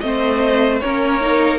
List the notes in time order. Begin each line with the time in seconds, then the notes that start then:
0.00 A3 C4 C5 D#5
0.79 A#3 C#4 A#4 C#5
1.20 D#4